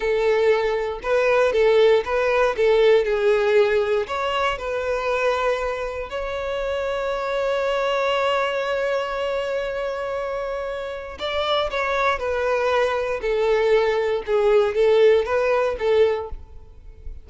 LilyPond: \new Staff \with { instrumentName = "violin" } { \time 4/4 \tempo 4 = 118 a'2 b'4 a'4 | b'4 a'4 gis'2 | cis''4 b'2. | cis''1~ |
cis''1~ | cis''2 d''4 cis''4 | b'2 a'2 | gis'4 a'4 b'4 a'4 | }